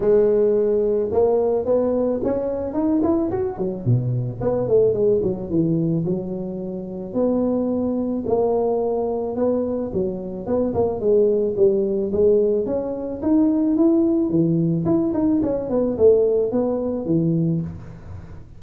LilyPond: \new Staff \with { instrumentName = "tuba" } { \time 4/4 \tempo 4 = 109 gis2 ais4 b4 | cis'4 dis'8 e'8 fis'8 fis8 b,4 | b8 a8 gis8 fis8 e4 fis4~ | fis4 b2 ais4~ |
ais4 b4 fis4 b8 ais8 | gis4 g4 gis4 cis'4 | dis'4 e'4 e4 e'8 dis'8 | cis'8 b8 a4 b4 e4 | }